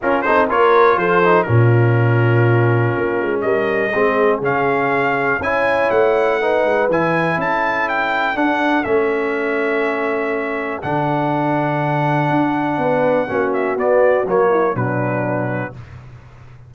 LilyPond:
<<
  \new Staff \with { instrumentName = "trumpet" } { \time 4/4 \tempo 4 = 122 ais'8 c''8 cis''4 c''4 ais'4~ | ais'2. dis''4~ | dis''4 f''2 gis''4 | fis''2 gis''4 a''4 |
g''4 fis''4 e''2~ | e''2 fis''2~ | fis''2.~ fis''8 e''8 | d''4 cis''4 b'2 | }
  \new Staff \with { instrumentName = "horn" } { \time 4/4 f'8 a'8 ais'4 a'4 f'4~ | f'2. ais'4 | gis'2. cis''4~ | cis''4 b'2 a'4~ |
a'1~ | a'1~ | a'2 b'4 fis'4~ | fis'4. e'8 d'2 | }
  \new Staff \with { instrumentName = "trombone" } { \time 4/4 cis'8 dis'8 f'4. dis'8 cis'4~ | cis'1 | c'4 cis'2 e'4~ | e'4 dis'4 e'2~ |
e'4 d'4 cis'2~ | cis'2 d'2~ | d'2. cis'4 | b4 ais4 fis2 | }
  \new Staff \with { instrumentName = "tuba" } { \time 4/4 cis'8 c'8 ais4 f4 ais,4~ | ais,2 ais8 gis8 g4 | gis4 cis2 cis'4 | a4. gis8 e4 cis'4~ |
cis'4 d'4 a2~ | a2 d2~ | d4 d'4 b4 ais4 | b4 fis4 b,2 | }
>>